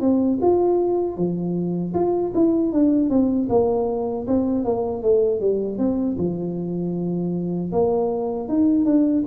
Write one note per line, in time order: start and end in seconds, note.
0.00 0.39 C4
0.41 1.16 F4
1.16 1.93 F3
1.94 2.32 F4
2.34 2.72 E4
2.72 3.09 D4
3.09 3.48 C4
3.49 4.26 A#3
4.27 4.64 C4
4.64 5.02 A#3
5.02 5.40 A3
5.40 5.78 G3
5.78 6.16 C4
6.17 7.71 F3
7.72 8.48 A#3
8.48 8.85 D#4
8.85 9.23 D4